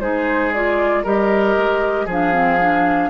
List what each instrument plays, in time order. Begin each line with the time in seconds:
0.00 bassoon G#3, clarinet D#4, oboe G#4, flute C5
0.53 clarinet F4, flute D5
1.03 bassoon G3, clarinet G4, oboe A#4, flute D#5
1.57 bassoon G#3
2.05 bassoon F3, clarinet D4, oboe G#4, flute F5
2.32 clarinet C4
2.60 clarinet D4